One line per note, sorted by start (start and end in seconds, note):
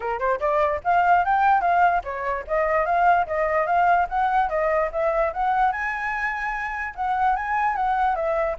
0.00 0.19 A#4
0.19 0.39 C5
0.40 0.80 D5
0.84 1.24 F5
1.24 1.61 G5
1.61 2.02 F5
2.04 2.45 C#5
2.47 2.85 D#5
2.85 3.26 F5
3.26 3.66 D#5
3.66 4.07 F5
4.09 4.49 F#5
4.49 4.90 D#5
4.92 5.33 E5
5.33 5.72 F#5
5.72 6.94 G#5
6.95 7.36 F#5
7.36 7.76 G#5
7.76 8.15 F#5
8.15 8.56 E5